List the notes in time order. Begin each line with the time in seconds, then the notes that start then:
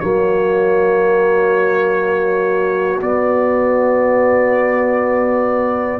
0.00 F#3 A#3 F#4 C#5
3.02 B3 D5